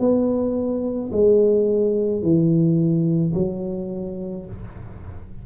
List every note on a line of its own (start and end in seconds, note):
0.00 1.11 B3
1.13 2.23 G#3
2.23 3.34 E3
3.35 4.46 F#3